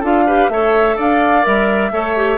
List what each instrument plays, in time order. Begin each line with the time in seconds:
0.00 bassoon D4, clarinet F4, oboe A4, flute F5
0.26 clarinet G4, oboe B4
0.49 bassoon A3, clarinet A4, oboe C#5, flute E5
0.97 bassoon D4, oboe D5, flute F5
1.42 bassoon G3, clarinet A#4, flute E5
1.91 bassoon A3, clarinet A4, oboe C#5
2.16 clarinet G4